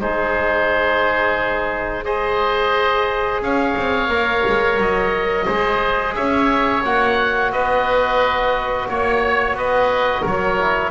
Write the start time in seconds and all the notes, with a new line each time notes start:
0.00 G#3 D#4 G#4 C5
2.05 G#4 C5 D#5
3.40 C#4 C#5 F5
3.76 C4
4.08 A#3 A#4
4.47 G#3
4.78 F#3 D#5
5.46 G#3 G#4 C5
6.15 C#4 C#5 E5
6.83 A#3 F#4 F#5
7.52 B3 B4 D#5
8.88 A#3 C#5
9.54 B3 B4 D#5
10.22 F#3 A#4 C#5
10.59 E4